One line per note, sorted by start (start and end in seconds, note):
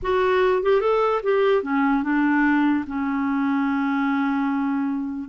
0.02 0.62 F#4
0.62 0.81 G4
0.81 1.21 A4
1.22 1.63 G4
1.63 2.03 C#4
2.03 2.85 D4
2.86 5.29 C#4